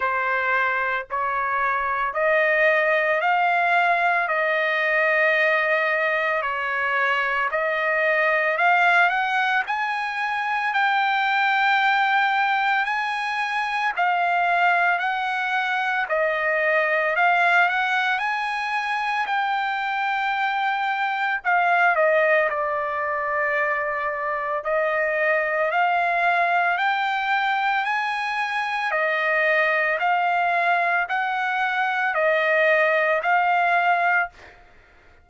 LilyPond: \new Staff \with { instrumentName = "trumpet" } { \time 4/4 \tempo 4 = 56 c''4 cis''4 dis''4 f''4 | dis''2 cis''4 dis''4 | f''8 fis''8 gis''4 g''2 | gis''4 f''4 fis''4 dis''4 |
f''8 fis''8 gis''4 g''2 | f''8 dis''8 d''2 dis''4 | f''4 g''4 gis''4 dis''4 | f''4 fis''4 dis''4 f''4 | }